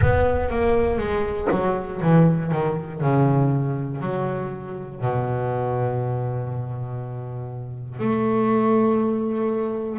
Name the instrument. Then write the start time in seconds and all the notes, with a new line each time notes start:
double bass
0.00 B3
0.50 A#3
0.98 G#3
1.50 F#3
2.01 E3
2.51 D#3
3.00 C#3
4.00 F#3
5.00 B2
7.99 A3